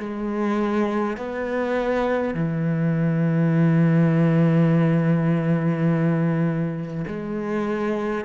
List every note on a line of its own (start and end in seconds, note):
0.00 1.17 G#3
1.17 2.34 B3
2.34 7.05 E3
7.07 8.25 G#3